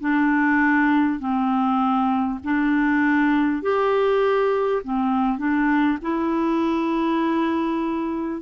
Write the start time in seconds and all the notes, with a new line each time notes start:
0.00 D4
1.19 C4
2.43 D4
3.62 G4
4.84 C4
5.38 D4
6.02 E4